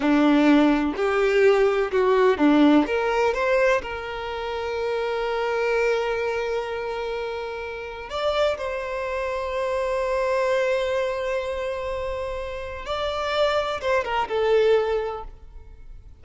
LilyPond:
\new Staff \with { instrumentName = "violin" } { \time 4/4 \tempo 4 = 126 d'2 g'2 | fis'4 d'4 ais'4 c''4 | ais'1~ | ais'1~ |
ais'4 d''4 c''2~ | c''1~ | c''2. d''4~ | d''4 c''8 ais'8 a'2 | }